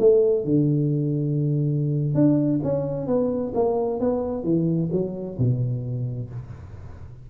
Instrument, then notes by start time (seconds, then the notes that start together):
tuba
0.00 A3
0.45 D3
2.15 D4
2.64 C#4
3.07 B3
3.55 A#3
4.01 B3
4.44 E3
4.92 F#3
5.39 B2